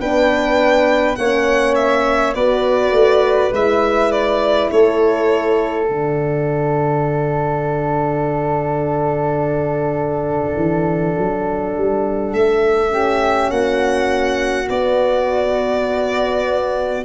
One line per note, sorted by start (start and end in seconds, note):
0.00 1.18 B3
0.00 1.18 D4
0.00 1.18 B4
0.00 1.16 G5
1.16 2.35 A#3
1.16 2.36 C#4
1.16 2.35 C#5
1.16 1.75 F#5
1.75 2.34 E5
2.35 2.92 B3
2.35 3.53 F#4
2.35 4.71 B4
2.35 3.52 D5
2.92 3.50 A3
3.52 4.70 G#3
3.52 5.89 E4
3.52 4.12 E5
4.12 4.71 D5
4.71 5.89 A3
4.71 12.93 A4
4.71 5.89 C#5
5.89 10.56 D3
5.89 12.90 D4
5.89 12.34 F#5
10.56 11.15 E3
11.19 11.77 F#3
11.77 12.33 G3
12.33 13.50 A3
12.33 13.51 E5
12.90 14.66 C#4
12.90 13.50 G4
13.50 14.68 A#3
13.50 17.03 F#4
13.50 14.69 F#5
14.70 17.05 B3
14.70 17.05 D5